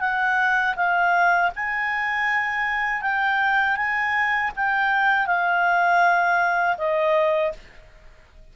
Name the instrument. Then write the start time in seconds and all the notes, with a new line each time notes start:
clarinet
0.00 F#5
0.76 F5
1.56 G#5
3.02 G5
3.76 G#5
4.56 G5
5.26 F5
6.77 D#5